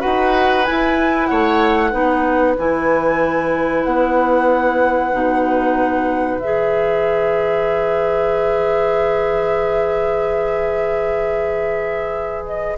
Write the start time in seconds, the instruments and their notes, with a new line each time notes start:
0.00 bassoon D#4, clarinet F#4, oboe B4, flute F#5
0.65 clarinet E4, bassoon E4, flute G#5
1.26 bassoon A3, oboe C#5, flute F#5
1.91 bassoon B3, clarinet D#4, oboe B4
2.58 bassoon E3, clarinet E4, flute G#5
3.84 bassoon B3, flute F#5
5.12 bassoon B2, clarinet D#4
6.38 bassoon E3, clarinet G#4, flute E5
12.46 flute D#5